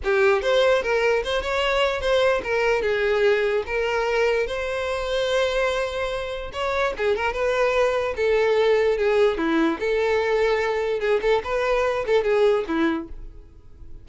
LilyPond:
\new Staff \with { instrumentName = "violin" } { \time 4/4 \tempo 4 = 147 g'4 c''4 ais'4 c''8 cis''8~ | cis''4 c''4 ais'4 gis'4~ | gis'4 ais'2 c''4~ | c''1 |
cis''4 gis'8 ais'8 b'2 | a'2 gis'4 e'4 | a'2. gis'8 a'8 | b'4. a'8 gis'4 e'4 | }